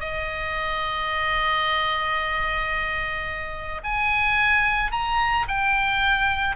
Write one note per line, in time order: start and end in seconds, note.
0.00 3.82 D#5
3.84 4.92 G#5
4.92 5.46 A#5
5.48 6.56 G5